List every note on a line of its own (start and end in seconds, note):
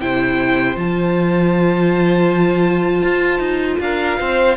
0.00 0.75 C3
0.00 0.75 E4
0.00 3.81 C5
0.00 0.76 G5
0.75 3.02 F3
0.75 4.55 F4
0.75 3.80 A5
3.02 3.38 F4
3.38 3.76 D#4
3.79 4.17 D4
3.79 4.20 A#4
3.79 4.56 F5
4.20 4.57 C4
4.20 4.57 C5